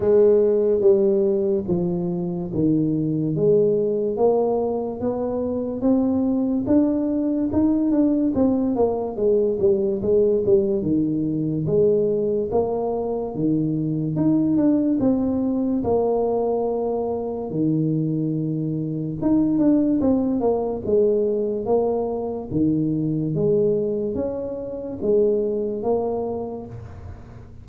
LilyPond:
\new Staff \with { instrumentName = "tuba" } { \time 4/4 \tempo 4 = 72 gis4 g4 f4 dis4 | gis4 ais4 b4 c'4 | d'4 dis'8 d'8 c'8 ais8 gis8 g8 | gis8 g8 dis4 gis4 ais4 |
dis4 dis'8 d'8 c'4 ais4~ | ais4 dis2 dis'8 d'8 | c'8 ais8 gis4 ais4 dis4 | gis4 cis'4 gis4 ais4 | }